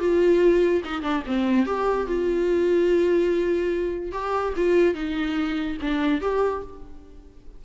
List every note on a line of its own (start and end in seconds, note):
0.00 0.83 F4
0.85 1.03 D#4
1.03 1.23 D4
1.27 1.66 C4
1.66 2.07 G4
2.07 4.13 F4
4.13 4.54 G4
4.57 4.95 F4
4.95 5.78 D#4
5.82 6.22 D4
6.22 6.63 G4